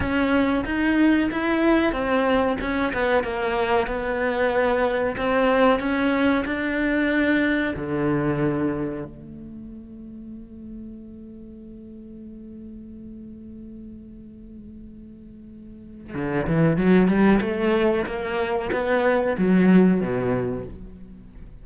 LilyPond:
\new Staff \with { instrumentName = "cello" } { \time 4/4 \tempo 4 = 93 cis'4 dis'4 e'4 c'4 | cis'8 b8 ais4 b2 | c'4 cis'4 d'2 | d2 a2~ |
a1~ | a1~ | a4 d8 e8 fis8 g8 a4 | ais4 b4 fis4 b,4 | }